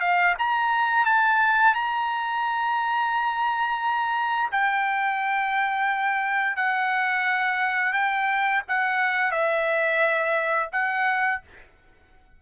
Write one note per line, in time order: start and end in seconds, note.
0.00 0.34 F5
0.39 1.05 A#5
1.05 1.74 A5
1.74 4.50 A#5
4.51 6.56 G5
6.56 7.93 F#5
7.93 8.62 G5
8.68 9.31 F#5
9.31 10.69 E5
10.72 11.41 F#5